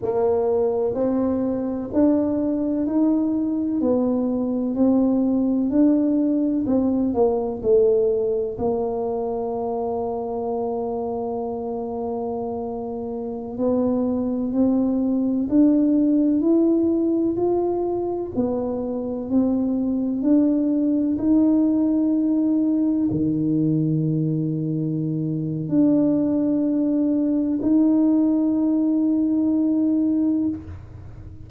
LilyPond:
\new Staff \with { instrumentName = "tuba" } { \time 4/4 \tempo 4 = 63 ais4 c'4 d'4 dis'4 | b4 c'4 d'4 c'8 ais8 | a4 ais2.~ | ais2~ ais16 b4 c'8.~ |
c'16 d'4 e'4 f'4 b8.~ | b16 c'4 d'4 dis'4.~ dis'16~ | dis'16 dis2~ dis8. d'4~ | d'4 dis'2. | }